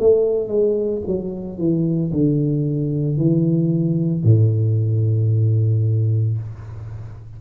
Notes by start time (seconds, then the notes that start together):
0.00 A3
0.49 G#3
1.07 F#3
1.59 E3
2.13 D3
3.18 E3
4.24 A2